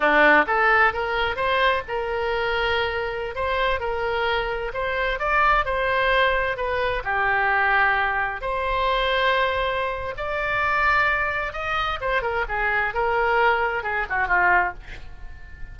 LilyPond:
\new Staff \with { instrumentName = "oboe" } { \time 4/4 \tempo 4 = 130 d'4 a'4 ais'4 c''4 | ais'2.~ ais'16 c''8.~ | c''16 ais'2 c''4 d''8.~ | d''16 c''2 b'4 g'8.~ |
g'2~ g'16 c''4.~ c''16~ | c''2 d''2~ | d''4 dis''4 c''8 ais'8 gis'4 | ais'2 gis'8 fis'8 f'4 | }